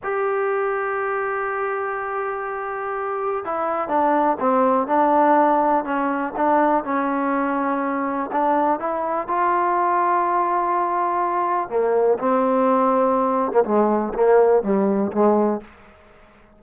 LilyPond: \new Staff \with { instrumentName = "trombone" } { \time 4/4 \tempo 4 = 123 g'1~ | g'2. e'4 | d'4 c'4 d'2 | cis'4 d'4 cis'2~ |
cis'4 d'4 e'4 f'4~ | f'1 | ais4 c'2~ c'8. ais16 | gis4 ais4 g4 gis4 | }